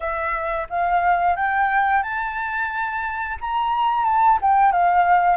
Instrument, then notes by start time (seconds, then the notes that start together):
flute
0.00 E5
0.69 F5
1.36 G5
2.02 A5
3.40 A#5
4.04 A5
4.41 G5
4.72 F5